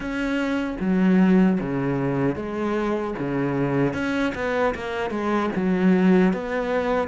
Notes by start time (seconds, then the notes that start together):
0.00 C#4
0.80 F#3
1.60 C#3
2.35 G#3
3.18 C#3
3.93 C#4
4.34 B3
4.74 A#3
5.10 G#3
5.55 F#3
6.33 B3